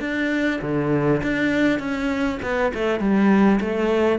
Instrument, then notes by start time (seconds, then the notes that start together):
cello
0.00 D4
0.61 D3
1.23 D4
1.79 C#4
2.42 B3
2.74 A3
2.99 G3
3.60 A3